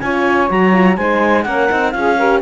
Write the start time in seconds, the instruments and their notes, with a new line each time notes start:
0.00 cello C#4, horn F4, saxophone C#5, clarinet G#5
0.49 cello F#3, horn F#4, clarinet A#5
0.73 horn F4
0.96 cello G#3, horn D#4, saxophone C5, clarinet G#5
1.44 cello A#3, horn C#4, saxophone A#4, clarinet F#5
1.68 cello C4, horn D#4
1.92 cello C#4, horn F4, saxophone G#4, clarinet F5
2.17 horn G4, saxophone A#4